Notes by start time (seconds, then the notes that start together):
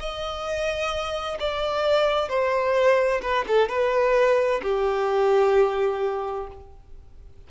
0.00 D#5
1.40 D5
2.29 C5
3.22 B4
3.48 A4
3.69 B4
4.63 G4